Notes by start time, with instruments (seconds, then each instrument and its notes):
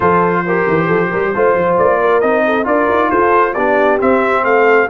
0.00 tuba F3, trombone F4, horn A4, trumpet C5
0.46 trombone G4, horn A#4
0.68 tuba E3
0.87 tuba F3, horn A4
1.10 tuba G3, horn A#4
1.35 tuba A3, trombone F4, horn C5
1.55 tuba F3
1.77 tuba A#3, trumpet D5
2.00 horn A#4
2.20 tuba C4, trombone D#4, trumpet D#5
2.45 horn A4
2.64 tuba D4, trombone F4, horn A#4, trumpet D5
2.89 tuba D#4
3.10 tuba F4, horn A4, trumpet C5
3.53 tuba B3, trombone D4, horn G4, trumpet D5
3.99 trombone C4, tuba C4, trumpet E5
4.43 tuba A3, horn A4, trumpet F5